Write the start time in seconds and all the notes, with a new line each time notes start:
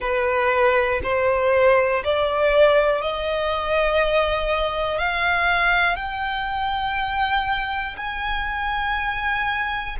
0.00 B4
1.03 C5
2.04 D5
3.01 D#5
4.98 F5
5.95 G5
7.96 G#5